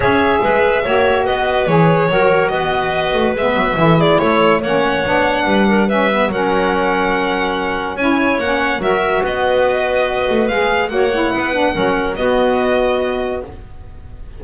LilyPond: <<
  \new Staff \with { instrumentName = "violin" } { \time 4/4 \tempo 4 = 143 e''2. dis''4 | cis''2 dis''2 | e''4. d''8 cis''4 fis''4~ | fis''2 e''4 fis''4~ |
fis''2. gis''4 | fis''4 e''4 dis''2~ | dis''4 f''4 fis''2~ | fis''4 dis''2. | }
  \new Staff \with { instrumentName = "clarinet" } { \time 4/4 cis''4 b'4 cis''4 b'4~ | b'4 ais'4 b'2~ | b'4 a'8 gis'8 a'4 cis''4~ | cis''4 b'8 ais'8 b'4 ais'4~ |
ais'2. cis''4~ | cis''4 ais'4 b'2~ | b'2 cis''4 b'4 | ais'4 fis'2. | }
  \new Staff \with { instrumentName = "saxophone" } { \time 4/4 gis'2 fis'2 | gis'4 fis'2. | b4 e'2 cis'4 | d'2 cis'8 b8 cis'4~ |
cis'2. e'4 | cis'4 fis'2.~ | fis'4 gis'4 fis'8 e'4 d'8 | cis'4 b2. | }
  \new Staff \with { instrumentName = "double bass" } { \time 4/4 cis'4 gis4 ais4 b4 | e4 fis4 b4. a8 | gis8 fis8 e4 a4 ais4 | b4 g2 fis4~ |
fis2. cis'4 | ais4 fis4 b2~ | b8 a8 gis4 ais4 b4 | fis4 b2. | }
>>